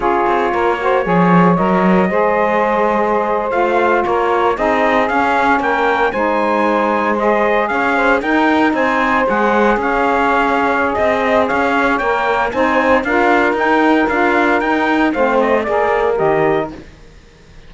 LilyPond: <<
  \new Staff \with { instrumentName = "trumpet" } { \time 4/4 \tempo 4 = 115 cis''2. dis''4~ | dis''2~ dis''8. f''4 cis''16~ | cis''8. dis''4 f''4 g''4 gis''16~ | gis''4.~ gis''16 dis''4 f''4 g''16~ |
g''8. gis''4 fis''4 f''4~ f''16~ | f''4 dis''4 f''4 g''4 | gis''4 f''4 g''4 f''4 | g''4 f''8 dis''8 d''4 dis''4 | }
  \new Staff \with { instrumentName = "saxophone" } { \time 4/4 gis'4 ais'8 c''8 cis''2 | c''2.~ c''8. ais'16~ | ais'8. gis'2 ais'4 c''16~ | c''2~ c''8. cis''8 c''8 ais'16~ |
ais'8. c''2 cis''4~ cis''16~ | cis''4 dis''4 cis''2 | c''4 ais'2.~ | ais'4 c''4 ais'2 | }
  \new Staff \with { instrumentName = "saxophone" } { \time 4/4 f'4. fis'8 gis'4 ais'4 | gis'2~ gis'8. f'4~ f'16~ | f'8. dis'4 cis'2 dis'16~ | dis'4.~ dis'16 gis'2 dis'16~ |
dis'4.~ dis'16 gis'2~ gis'16~ | gis'2. ais'4 | dis'4 f'4 dis'4 f'4 | dis'4 c'4 gis'4 g'4 | }
  \new Staff \with { instrumentName = "cello" } { \time 4/4 cis'8 c'8 ais4 f4 fis4 | gis2~ gis8. a4 ais16~ | ais8. c'4 cis'4 ais4 gis16~ | gis2~ gis8. cis'4 dis'16~ |
dis'8. c'4 gis4 cis'4~ cis'16~ | cis'4 c'4 cis'4 ais4 | c'4 d'4 dis'4 d'4 | dis'4 a4 ais4 dis4 | }
>>